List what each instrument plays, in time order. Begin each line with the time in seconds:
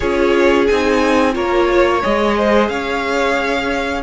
0.00 cello C#4, viola F4, violin G#4 C#5
0.66 cello C4, viola D#4, violin G#5
1.32 cello A#3, viola F4, violin A#4 C#5
1.71 violin C#5
2.03 cello G#3, viola G#4, violin D#5
2.37 violin C5
2.68 cello C#4, violin C#5 F5